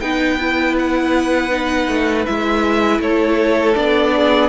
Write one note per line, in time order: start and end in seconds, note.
0.00 1.88 B3
0.00 0.38 D#4
0.00 3.02 B4
0.00 0.75 G5
0.39 1.50 E4
0.78 2.26 F#5
1.50 2.25 D#4
1.88 2.25 A3
2.26 2.99 G#3
2.26 3.75 E4
2.26 3.01 E5
2.99 3.74 A3
2.99 4.14 A4
2.99 3.75 C#5
3.75 4.49 B3
3.75 4.49 D4
3.75 4.49 D5
4.15 4.49 G#4